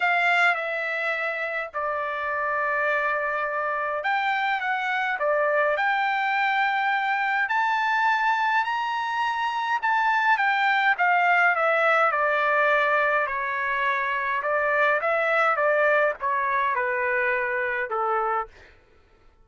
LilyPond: \new Staff \with { instrumentName = "trumpet" } { \time 4/4 \tempo 4 = 104 f''4 e''2 d''4~ | d''2. g''4 | fis''4 d''4 g''2~ | g''4 a''2 ais''4~ |
ais''4 a''4 g''4 f''4 | e''4 d''2 cis''4~ | cis''4 d''4 e''4 d''4 | cis''4 b'2 a'4 | }